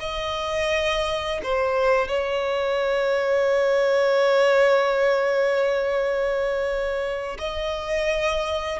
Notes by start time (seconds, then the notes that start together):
0.00 D#5
1.43 C5
2.08 C#5
7.39 D#5